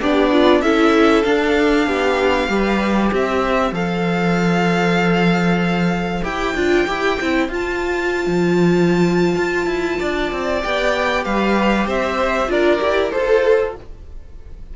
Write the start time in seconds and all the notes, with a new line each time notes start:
0.00 B3 D4 G4 D5
0.32 F4
0.61 C#4 E4 A4 E5
1.23 D4 F5
1.87 B3 G4
2.48 G3 G4 B4
3.12 C4 C5 E5
3.71 F3 A4 F5
6.23 E4 G4 G5
6.55 D4 F4
6.87 E4 G4
7.21 C4 E4
7.48 F4 A5
8.26 F3
9.37 F4
9.66 E4
9.99 D4 D5
10.32 C4
10.62 B3 G4 G5
11.24 G3 B4 F5
11.86 C4 C5 E5
12.48 D4 F4 A#4 D5
12.80 E4 G4
13.11 F4 A4 C5